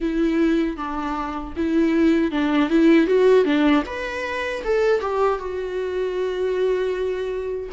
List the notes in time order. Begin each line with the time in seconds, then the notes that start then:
0.00 E4
0.76 D4
1.56 E4
2.31 D4
2.69 E4
3.06 F#4
3.44 D4
3.85 B4
4.64 A4
5.00 G4
5.38 F#4